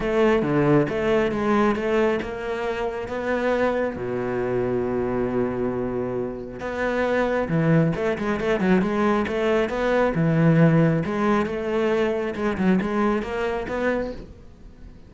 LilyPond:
\new Staff \with { instrumentName = "cello" } { \time 4/4 \tempo 4 = 136 a4 d4 a4 gis4 | a4 ais2 b4~ | b4 b,2.~ | b,2. b4~ |
b4 e4 a8 gis8 a8 fis8 | gis4 a4 b4 e4~ | e4 gis4 a2 | gis8 fis8 gis4 ais4 b4 | }